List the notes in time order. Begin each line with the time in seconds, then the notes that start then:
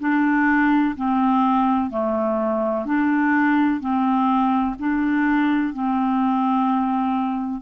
0.00 D4
0.96 C4
1.90 A3
2.86 D4
3.80 C4
4.79 D4
5.73 C4